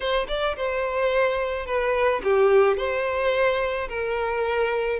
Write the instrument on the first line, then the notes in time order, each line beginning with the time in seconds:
violin
0.00 C5
0.28 D5
0.56 C5
1.65 B4
2.23 G4
2.77 C5
3.88 A#4